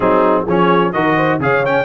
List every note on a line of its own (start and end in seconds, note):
0.00 0.45 F#3
0.00 0.46 C4
0.00 0.43 D#4
0.00 0.46 G#4
0.43 0.93 F3
0.43 0.90 G#4
0.43 0.92 C#5
0.49 0.93 C#4
0.92 1.38 D#3
0.92 1.40 F#4
0.92 1.16 A#4
0.92 1.39 D#5
1.16 1.39 C5
1.38 1.84 C#3
1.38 1.64 G#4
1.38 1.84 C#5
1.38 1.65 F5
1.65 1.84 C#4
1.65 1.84 G5